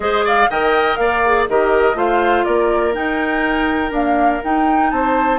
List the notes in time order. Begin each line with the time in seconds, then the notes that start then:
0.00 G#3 G#4 C5 D#5
0.24 D5 F5
0.49 D#3 A#4 D#5 G5
0.96 A#3 D5 F5
1.25 G#4
1.49 D#3 G4 A#4 D#5
1.94 A3 F4 C5 F5
2.44 A#3 A#4 D5
2.92 D#4 G5
3.91 A#3 D4 F5
4.43 D#4 G5
4.90 C4 C5 A5